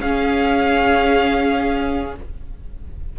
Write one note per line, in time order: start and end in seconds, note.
0.00 2.14 C#4
0.00 2.19 C#4
0.00 2.16 G#4
0.00 2.16 F5